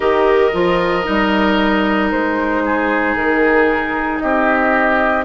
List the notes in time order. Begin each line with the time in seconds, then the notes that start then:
0.00 D#3 G4 A#4 D#5
0.52 F3 F4
1.03 G3 D#4
2.11 G#3 C5
2.65 G#4
3.14 D#3 A#4
4.18 C4 G4 D#5